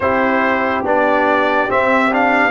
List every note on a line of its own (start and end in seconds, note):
0.00 0.83 C4
0.00 0.84 E4
0.00 2.51 G4
0.00 0.84 C5
0.84 1.68 B3
0.84 1.68 D4
0.84 1.70 D5
1.68 2.11 C4
1.68 2.51 C4
1.68 2.13 E5
2.11 2.51 D4
2.11 2.51 F5